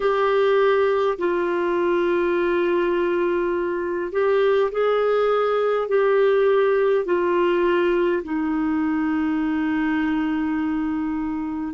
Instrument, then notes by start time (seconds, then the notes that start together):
clarinet
0.00 G4
1.18 F4
4.12 G4
4.71 G#4
5.88 G4
7.05 F4
8.23 D#4